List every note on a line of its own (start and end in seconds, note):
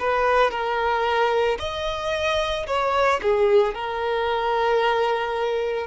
0.00 0.51 B4
0.51 1.58 A#4
1.60 2.67 D#5
2.67 3.20 C#5
3.22 3.75 G#4
3.75 5.87 A#4